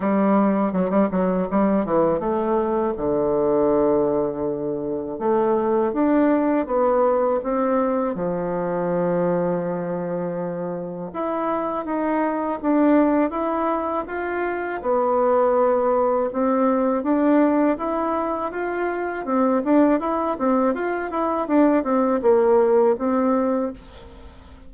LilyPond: \new Staff \with { instrumentName = "bassoon" } { \time 4/4 \tempo 4 = 81 g4 fis16 g16 fis8 g8 e8 a4 | d2. a4 | d'4 b4 c'4 f4~ | f2. e'4 |
dis'4 d'4 e'4 f'4 | b2 c'4 d'4 | e'4 f'4 c'8 d'8 e'8 c'8 | f'8 e'8 d'8 c'8 ais4 c'4 | }